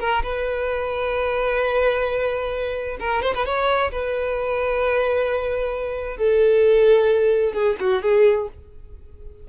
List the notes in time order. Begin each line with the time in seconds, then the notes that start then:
0.00 A#4
0.24 B4
3.00 A#4
3.23 C5
3.35 B4
3.46 C#5
3.92 B4
6.18 A4
7.54 G#4
7.80 F#4
8.03 G#4